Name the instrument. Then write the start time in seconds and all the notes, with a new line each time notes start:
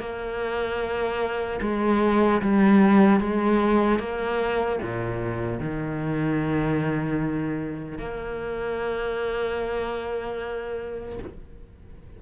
cello
0.00 A#3
1.61 G#3
2.41 G3
3.20 G#3
3.99 A#3
4.82 A#2
5.60 D#3
7.99 A#3